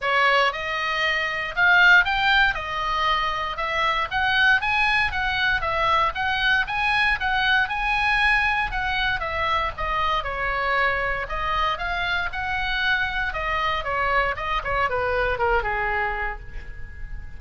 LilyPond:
\new Staff \with { instrumentName = "oboe" } { \time 4/4 \tempo 4 = 117 cis''4 dis''2 f''4 | g''4 dis''2 e''4 | fis''4 gis''4 fis''4 e''4 | fis''4 gis''4 fis''4 gis''4~ |
gis''4 fis''4 e''4 dis''4 | cis''2 dis''4 f''4 | fis''2 dis''4 cis''4 | dis''8 cis''8 b'4 ais'8 gis'4. | }